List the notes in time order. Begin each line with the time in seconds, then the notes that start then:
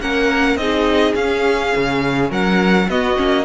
0.00 A#3 C#4 A#4 F#5
0.55 C4 D#4 G#4 D#5
1.15 C#4 F5
1.76 C#3
2.30 F#3 A#4 F#5
2.89 B3 F#4 D#5
3.16 A#3 C#4